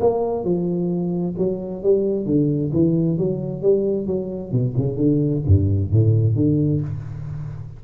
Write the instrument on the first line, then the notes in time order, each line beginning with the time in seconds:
tuba
0.00 A#3
0.44 F3
1.38 F#3
1.83 G3
2.26 D3
2.73 E3
3.18 F#3
3.62 G3
4.07 F#3
4.52 B2
4.77 C#3
4.97 D3
5.46 G2
5.92 A2
6.35 D3